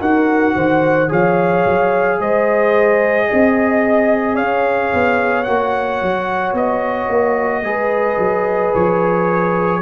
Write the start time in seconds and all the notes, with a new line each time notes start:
0.00 D#4 F#4 A#4 F#5
0.56 D#3 C5
1.09 F3 G#4 C#5 F5
1.66 F#3
2.20 G#3 C5 D#5
3.28 C4 D#5
4.36 C#4 C#5 F5
4.94 B3
5.44 A#3 F#4 F#5
6.02 F#3
6.53 B3 D#5
7.09 A#3
7.63 G#3 G#4 B4
8.19 F#3
8.75 F3 C#5